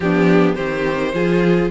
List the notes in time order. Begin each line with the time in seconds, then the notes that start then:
0.00 F3 B3 D4 G4
0.55 D#3 C4 G4 C5
1.13 F3 F4 G#4